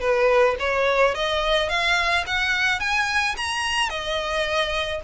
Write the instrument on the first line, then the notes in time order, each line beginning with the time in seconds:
violin
0.00 B4
0.59 C#5
1.14 D#5
1.69 F5
2.27 F#5
2.80 G#5
3.37 A#5
3.89 D#5